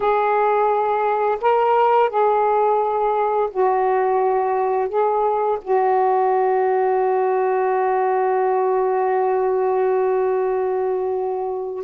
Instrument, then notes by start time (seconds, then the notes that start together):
saxophone
0.00 G#4
1.41 A#4
2.09 G#4
3.50 F#4
4.88 G#4
5.61 F#4